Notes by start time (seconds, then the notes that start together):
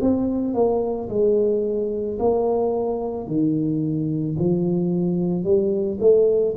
0.00 C4
0.54 A#3
1.09 G#3
2.19 A#3
3.27 D#3
4.38 F3
5.43 G3
6.00 A3